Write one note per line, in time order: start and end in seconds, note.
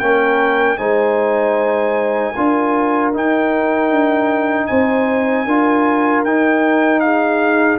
0.00 0.79 A#3
0.00 0.79 C#4
0.00 0.79 A#4
0.00 0.78 G5
0.78 2.35 G#3
0.78 2.35 D#4
0.78 2.35 C5
0.78 3.12 G#5
2.36 3.15 D4
2.36 3.14 F4
2.36 4.69 A#4
3.14 5.48 D#4
3.14 3.91 D#4
3.14 4.67 G5
3.91 4.69 D4
4.67 5.46 C4
4.67 5.46 C5
4.67 6.23 G#5
5.46 6.24 D4
5.46 6.27 F4
5.46 7.02 A#4
6.24 7.79 D#4
6.24 7.00 G5
7.00 7.79 G#4
7.00 7.78 F5